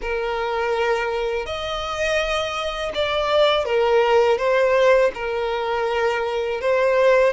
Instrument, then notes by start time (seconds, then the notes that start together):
violin
0.01 A#4
1.45 D#5
2.94 D5
3.65 A#4
4.38 C5
5.14 A#4
6.61 C5